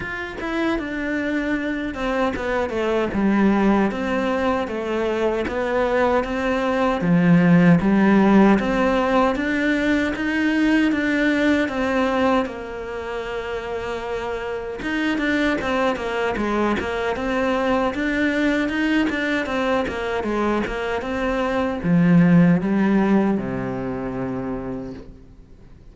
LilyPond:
\new Staff \with { instrumentName = "cello" } { \time 4/4 \tempo 4 = 77 f'8 e'8 d'4. c'8 b8 a8 | g4 c'4 a4 b4 | c'4 f4 g4 c'4 | d'4 dis'4 d'4 c'4 |
ais2. dis'8 d'8 | c'8 ais8 gis8 ais8 c'4 d'4 | dis'8 d'8 c'8 ais8 gis8 ais8 c'4 | f4 g4 c2 | }